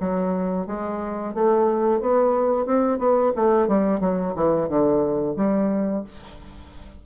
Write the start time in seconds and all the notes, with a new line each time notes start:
0.00 F#3
0.66 G#3
1.34 A3
2.00 B3
2.65 C4
2.98 B3
3.35 A3
3.67 G3
4.00 F#3
4.35 E3
4.68 D3
5.36 G3